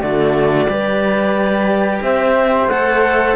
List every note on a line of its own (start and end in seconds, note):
0.00 0.66 D3
0.00 0.67 A3
0.00 0.68 F#4
0.00 2.00 D5
0.66 2.00 G3
0.66 2.68 G4
0.66 2.04 B4
2.01 2.67 C4
2.01 3.36 C5
2.01 2.68 E5
2.67 3.33 A3
2.67 3.36 A4
2.67 3.35 F#5